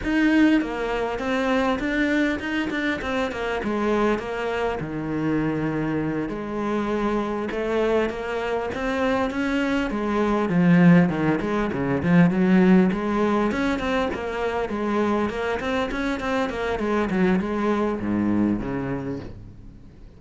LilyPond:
\new Staff \with { instrumentName = "cello" } { \time 4/4 \tempo 4 = 100 dis'4 ais4 c'4 d'4 | dis'8 d'8 c'8 ais8 gis4 ais4 | dis2~ dis8 gis4.~ | gis8 a4 ais4 c'4 cis'8~ |
cis'8 gis4 f4 dis8 gis8 cis8 | f8 fis4 gis4 cis'8 c'8 ais8~ | ais8 gis4 ais8 c'8 cis'8 c'8 ais8 | gis8 fis8 gis4 gis,4 cis4 | }